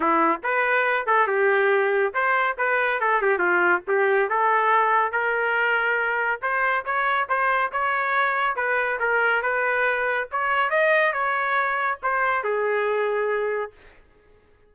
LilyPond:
\new Staff \with { instrumentName = "trumpet" } { \time 4/4 \tempo 4 = 140 e'4 b'4. a'8 g'4~ | g'4 c''4 b'4 a'8 g'8 | f'4 g'4 a'2 | ais'2. c''4 |
cis''4 c''4 cis''2 | b'4 ais'4 b'2 | cis''4 dis''4 cis''2 | c''4 gis'2. | }